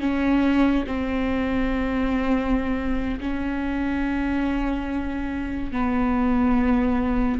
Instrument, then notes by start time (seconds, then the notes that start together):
viola
0.00 C#4
0.86 C4
3.20 C#4
5.72 B3